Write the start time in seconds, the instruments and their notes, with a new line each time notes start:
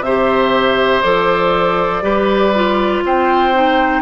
0.00 bassoon C3, oboe C5, flute E5
0.07 clarinet G4
1.02 bassoon F3, clarinet A4, flute D5
2.02 bassoon G3, clarinet G4, oboe B4
2.55 clarinet F4
3.04 bassoon C4, oboe C5, flute G5
3.54 clarinet D#4